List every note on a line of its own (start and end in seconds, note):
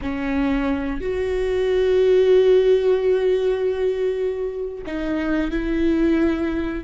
0.02 1.00 C#4
1.00 4.84 F#4
4.86 5.50 D#4
5.50 6.84 E4